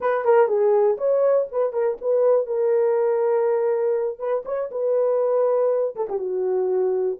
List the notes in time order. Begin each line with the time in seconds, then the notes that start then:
0.00 B4
0.24 A#4
0.47 G#4
0.97 C#5
1.51 B4
1.72 A#4
2.01 B4
2.46 A#4
4.18 B4
4.45 C#5
4.71 B4
5.95 A4
6.09 G4
6.18 F#4